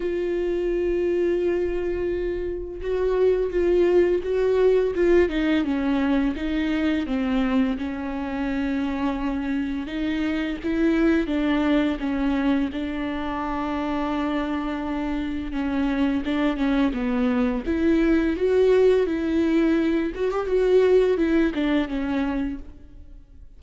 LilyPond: \new Staff \with { instrumentName = "viola" } { \time 4/4 \tempo 4 = 85 f'1 | fis'4 f'4 fis'4 f'8 dis'8 | cis'4 dis'4 c'4 cis'4~ | cis'2 dis'4 e'4 |
d'4 cis'4 d'2~ | d'2 cis'4 d'8 cis'8 | b4 e'4 fis'4 e'4~ | e'8 fis'16 g'16 fis'4 e'8 d'8 cis'4 | }